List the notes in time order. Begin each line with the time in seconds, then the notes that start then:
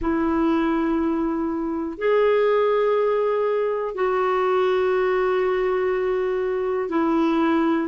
0.01 E4
1.98 G#4
3.94 F#4
6.89 E4